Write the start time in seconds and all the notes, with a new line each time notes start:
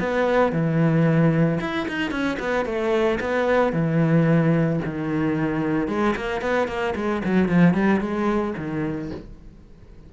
0.00 B3
0.53 E3
1.61 E4
1.88 D#4
2.11 C#4
2.40 B3
2.66 A3
3.21 B3
3.73 E3
4.86 D#3
5.88 G#3
6.16 A#3
6.42 B3
6.68 A#3
6.96 G#3
7.25 F#3
7.49 F3
7.74 G3
8.01 G#3
8.58 D#3